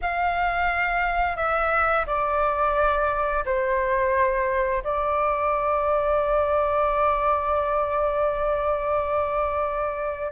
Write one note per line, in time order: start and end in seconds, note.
0.01 1.36 F5
1.36 2.05 E5
2.06 3.44 D5
3.45 4.83 C5
4.83 10.31 D5